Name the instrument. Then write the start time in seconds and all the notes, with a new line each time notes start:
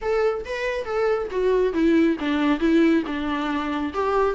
viola
0.01 A4
0.45 B4
0.84 A4
1.30 F#4
1.73 E4
2.19 D4
2.59 E4
3.06 D4
3.93 G4